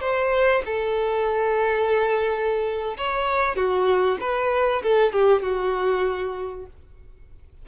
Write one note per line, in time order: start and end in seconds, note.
0.00 0.62 C5
0.65 2.97 A4
2.97 3.56 C#5
3.56 4.17 F#4
4.20 4.82 B4
4.82 5.12 A4
5.12 5.42 G4
5.42 6.66 F#4